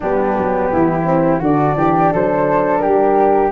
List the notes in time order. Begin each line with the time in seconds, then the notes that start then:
0.00 G3 B3 D4 G4
0.37 F#3
0.71 E3 E4
1.04 C4
1.39 D3 D4 F#4 D5
1.76 E3 G4
2.12 F#3 A4 C5
2.78 G4 A#4
2.85 G3